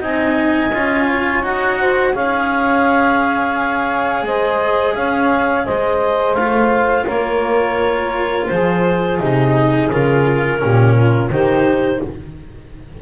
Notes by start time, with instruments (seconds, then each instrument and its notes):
0.00 double bass C4, cello D#4, saxophone D#5, clarinet G#5
0.73 double bass C#4, cello F4
1.08 saxophone C#5
1.42 double bass D#4, cello F#4, clarinet F#5
1.79 saxophone C5
2.13 double bass C#4, cello G#4, saxophone C#5, clarinet F5
4.22 double bass G#3, saxophone C5, clarinet D#5
4.94 double bass C#4, saxophone C#5, clarinet F5
5.65 double bass G#3, saxophone C5, clarinet D#5
6.34 double bass A3, cello F4, clarinet F5
7.05 double bass A#3, saxophone A#4, clarinet C#5
8.47 double bass F3, saxophone G#4, clarinet C5
9.19 double bass C3, cello D#4, clarinet D#5
9.91 double bass C#3, cello F4, clarinet A#4
10.58 double bass A#2, cello C#4, saxophone G4
10.96 saxophone F4
11.30 double bass D#3, cello D#4, saxophone G4, clarinet C5